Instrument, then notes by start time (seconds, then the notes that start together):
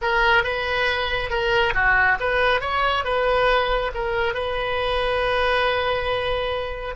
oboe
0.01 A#4
0.43 B4
1.30 A#4
1.74 F#4
2.20 B4
2.60 C#5
3.04 B4
3.94 A#4
4.34 B4